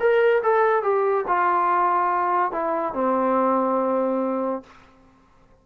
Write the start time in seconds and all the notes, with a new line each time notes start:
0.00 A#4
0.43 A4
0.83 G4
1.28 F4
2.52 E4
2.94 C4